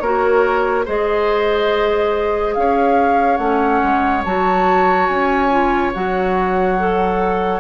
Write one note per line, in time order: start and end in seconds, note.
0.00 0.85 A#3
0.00 0.86 F#4
0.00 0.85 A#4
0.00 0.85 C#5
0.85 2.56 G#3
0.85 3.39 G#4
0.85 2.54 C5
0.85 2.54 D#5
2.54 3.38 C#4
2.54 7.60 C#5
2.54 3.37 F5
3.37 3.81 A3
3.37 4.24 C#4
3.37 4.21 F#5
3.83 4.25 G#3
4.24 5.09 F#3
4.24 5.50 F#4
4.24 5.06 A5
5.06 5.93 C#4
5.06 5.91 G#5
5.50 5.93 F4
5.94 7.60 F#3
5.94 6.78 F#4
5.94 7.60 F#5
6.78 7.60 A4